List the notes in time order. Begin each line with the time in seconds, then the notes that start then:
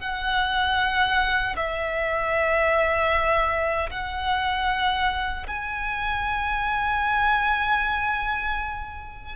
0.00 F#5
1.56 E5
3.90 F#5
5.47 G#5